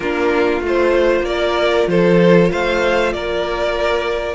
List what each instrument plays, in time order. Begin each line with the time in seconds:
0.00 cello A#3, viola D4, violin F4 A#4
0.61 cello A3, viola F4
0.67 violin C5
1.21 cello A#3, violin A#4 D5
1.87 cello F3, violin A4 C5
2.51 cello A3, violin C5 F5
3.12 cello A#3, violin A#4 D5